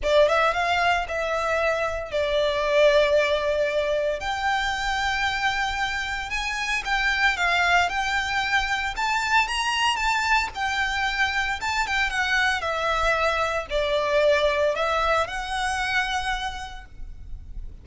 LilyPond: \new Staff \with { instrumentName = "violin" } { \time 4/4 \tempo 4 = 114 d''8 e''8 f''4 e''2 | d''1 | g''1 | gis''4 g''4 f''4 g''4~ |
g''4 a''4 ais''4 a''4 | g''2 a''8 g''8 fis''4 | e''2 d''2 | e''4 fis''2. | }